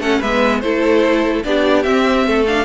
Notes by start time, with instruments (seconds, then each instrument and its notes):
0.00 cello A3, viola C#4, violin A4 F#5
0.19 cello G#3, viola B3, violin B4 E5
0.61 cello A3, viola E4, violin A4 C5
1.44 cello B3, viola D4, violin G4 D5
1.84 viola C4, cello C4, violin E5
2.27 cello A3, violin A4
2.47 viola D4, violin F5